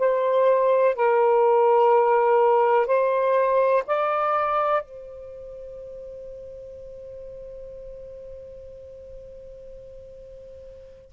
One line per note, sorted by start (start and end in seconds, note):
0.00 0.96 C5
0.96 2.87 A#4
2.87 3.84 C5
3.87 4.83 D5
4.83 11.12 C5